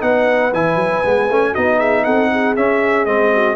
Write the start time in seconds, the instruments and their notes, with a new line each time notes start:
0.00 tuba B3, trombone D#4, horn B4, trumpet F#5
0.52 tuba E3, trombone E4, trumpet G#5
0.75 tuba F#3
1.03 tuba G#3, trombone B3
1.29 tuba A3, trombone C#4
1.51 tuba B3, trombone D#4, horn F#4, trumpet D#5
1.77 horn G#4, trumpet E5
2.04 tuba C4, horn A4, trumpet F#5
2.31 horn G#4
2.56 tuba C#4, trombone C#4, trumpet E5
3.05 tuba G#3, trombone C4, trumpet D#5
3.33 horn F#4